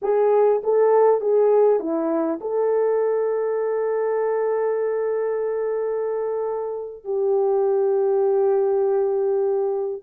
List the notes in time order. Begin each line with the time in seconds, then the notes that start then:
0.02 G#4
0.63 A4
1.20 G#4
1.79 E4
2.40 A4
7.04 G4